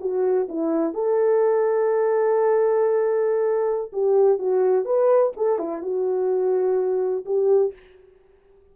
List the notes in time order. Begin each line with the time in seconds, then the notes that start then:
0.00 F#4
0.48 E4
0.94 A4
3.93 G4
4.39 F#4
4.85 B4
5.36 A4
5.58 E4
5.82 F#4
7.26 G4